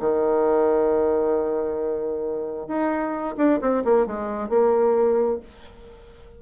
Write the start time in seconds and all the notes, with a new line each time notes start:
0.00 D#3
2.68 D#4
3.37 D4
3.61 C4
3.84 A#3
4.07 G#3
4.49 A#3